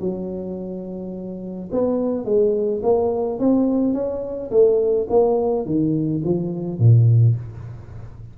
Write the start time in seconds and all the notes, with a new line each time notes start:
0.00 F#3
1.72 B3
2.25 G#3
2.83 A#3
3.39 C4
3.94 C#4
4.51 A3
5.10 A#3
5.66 D#3
6.24 F3
6.79 A#2